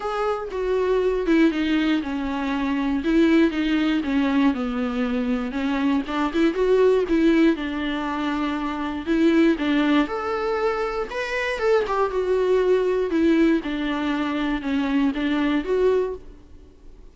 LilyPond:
\new Staff \with { instrumentName = "viola" } { \time 4/4 \tempo 4 = 119 gis'4 fis'4. e'8 dis'4 | cis'2 e'4 dis'4 | cis'4 b2 cis'4 | d'8 e'8 fis'4 e'4 d'4~ |
d'2 e'4 d'4 | a'2 b'4 a'8 g'8 | fis'2 e'4 d'4~ | d'4 cis'4 d'4 fis'4 | }